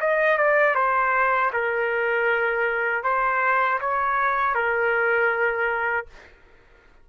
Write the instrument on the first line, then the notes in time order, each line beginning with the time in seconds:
trumpet
0.00 D#5
0.38 D5
0.75 C5
1.53 A#4
3.03 C5
3.80 C#5
4.55 A#4